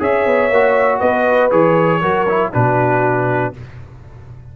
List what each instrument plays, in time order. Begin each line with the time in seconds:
0.00 tuba C#4, trombone G#4, horn C#5, trumpet E5
0.26 tuba B3
0.50 tuba A#3, trombone F#4
1.00 tuba B3, horn B4, trumpet D#5
1.51 tuba E3, trombone G#4, trumpet C#5
2.01 tuba F#3, trombone F#4, horn A#4
2.29 trombone E4
2.53 tuba B2, trombone D4, horn F#4, trumpet B4